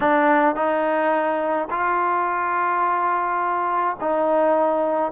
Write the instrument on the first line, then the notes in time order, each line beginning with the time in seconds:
trombone
0.00 D4
0.55 D#4
1.70 F4
4.00 D#4